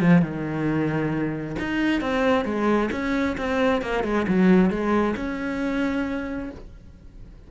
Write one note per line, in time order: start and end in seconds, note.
0.00 0.22 F3
0.22 1.56 D#3
1.59 2.01 D#4
2.01 2.45 C4
2.45 2.89 G#3
2.91 3.36 C#4
3.37 3.82 C4
3.82 4.03 A#3
4.03 4.26 G#3
4.27 4.70 F#3
4.70 5.15 G#3
5.16 6.50 C#4